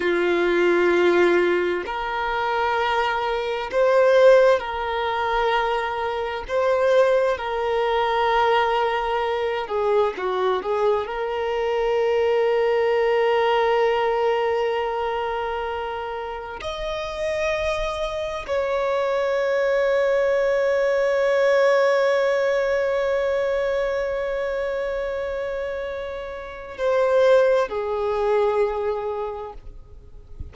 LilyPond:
\new Staff \with { instrumentName = "violin" } { \time 4/4 \tempo 4 = 65 f'2 ais'2 | c''4 ais'2 c''4 | ais'2~ ais'8 gis'8 fis'8 gis'8 | ais'1~ |
ais'2 dis''2 | cis''1~ | cis''1~ | cis''4 c''4 gis'2 | }